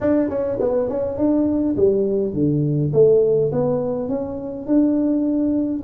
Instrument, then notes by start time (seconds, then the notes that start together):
tuba
0.01 D4
0.29 C#4
0.60 B3
0.89 C#4
1.17 D4
1.76 G3
2.33 D3
2.93 A3
3.52 B3
4.08 C#4
4.66 D4